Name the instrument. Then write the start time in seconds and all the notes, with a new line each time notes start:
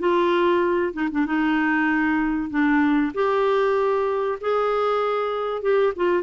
clarinet
0.00 F4
0.93 D#4
1.12 D4
1.26 D#4
2.50 D4
3.14 G4
4.41 G#4
5.62 G4
5.96 F4